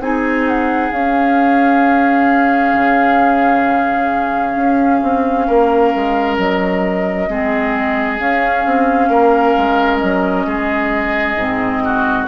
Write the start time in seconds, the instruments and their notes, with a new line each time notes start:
0.00 bassoon C4, clarinet D#4, oboe G#4, flute G#5
0.48 flute F#5
0.92 bassoon C#4, clarinet C#4, flute F5
2.74 bassoon C#3
4.56 bassoon C#4
5.03 bassoon C4
5.48 bassoon A#3, oboe A#4
5.95 bassoon G#3
6.38 bassoon F#3, flute D#5
7.29 bassoon G#3, clarinet C4, oboe G#4
8.19 clarinet C#4, bassoon C#4, flute F5
8.66 bassoon C4
9.09 bassoon A#3, oboe A#4
9.58 bassoon G#3
9.98 bassoon F#3, flute D#5
10.47 bassoon G#3, oboe G#4
11.36 bassoon G#2, clarinet C4
11.85 oboe F#4